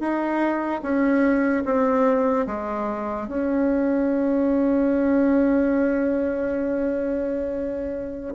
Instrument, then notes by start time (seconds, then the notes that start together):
bassoon
0.00 D#4
0.83 C#4
1.65 C4
2.47 G#3
3.28 C#4